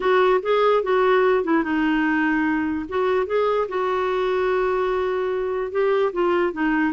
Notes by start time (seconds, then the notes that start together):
0.00 F#4
0.42 G#4
0.83 F#4
1.44 E4
1.63 D#4
2.88 F#4
3.26 G#4
3.68 F#4
5.71 G4
6.12 F4
6.52 D#4